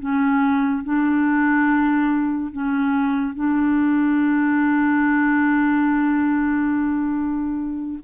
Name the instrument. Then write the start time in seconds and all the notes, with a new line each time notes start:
clarinet
0.00 C#4
0.84 D4
2.52 C#4
3.35 D4